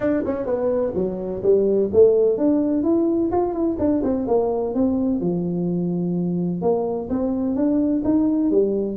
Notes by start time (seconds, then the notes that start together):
0.00 D4
0.25 C#4
0.46 B3
0.94 F#3
1.42 G3
1.92 A3
2.37 D4
2.83 E4
3.31 F4
3.52 E4
3.79 D4
4.03 C4
4.27 A#3
4.74 C4
5.20 F3
6.61 A#3
7.09 C4
7.55 D4
8.04 D#4
8.50 G3